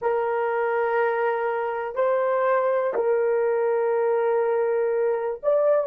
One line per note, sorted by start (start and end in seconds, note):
0.01 1.95 A#4
1.95 2.93 C5
2.94 5.40 A#4
5.42 5.87 D5